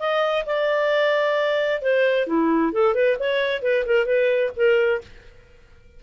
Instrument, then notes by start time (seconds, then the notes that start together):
clarinet
0.00 D#5
0.46 D5
1.82 C5
2.28 E4
2.73 A4
2.95 B4
3.20 C#5
3.63 B4
3.86 A#4
4.06 B4
4.57 A#4